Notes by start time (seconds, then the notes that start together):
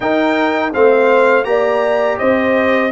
0.00 D#4 A#4 G5
0.73 A3 C4 C5 F5
1.44 A#3 G4 D5 A#5
2.18 C4 C5 D#5